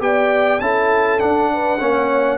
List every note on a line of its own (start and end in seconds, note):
0.00 0.60 B3
0.00 0.59 G4
0.00 0.63 D5
0.00 0.60 G5
0.60 1.20 C#4
0.60 1.19 E4
0.60 1.52 A4
0.60 1.20 A5
1.19 1.79 D4
1.19 1.81 D4
1.19 2.38 F#5
1.54 1.80 B4
1.80 2.38 A#3
1.80 2.38 C#4
1.80 2.38 C#5